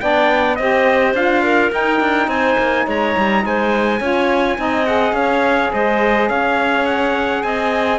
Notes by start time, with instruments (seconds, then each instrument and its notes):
0.00 cello B3, saxophone D4, clarinet D5, trumpet G5
0.56 cello C4, saxophone G4, clarinet C5, trumpet D#5
1.14 cello D4, saxophone F4, trumpet F5
1.43 clarinet A#4
1.70 saxophone D#4, cello D#4, trumpet G5
2.00 cello D4
2.27 cello C4, clarinet C5, trumpet G#5
2.57 cello A#3
2.86 cello G#3, clarinet C#5, trumpet A#5
3.17 cello G3
3.45 cello G#3, clarinet C5, trumpet G#5
4.00 cello C#4, saxophone F4, clarinet C#5
4.57 cello C4, saxophone D#4, clarinet D#5
4.86 saxophone G#4, trumpet F#5
5.12 cello C#4, clarinet C#5, trumpet F5
5.72 cello G#3, clarinet C5, trumpet D#5
6.29 cello C#4, clarinet C#5, trumpet F5
6.86 trumpet F#5
7.42 cello C4, clarinet D#5, trumpet G#5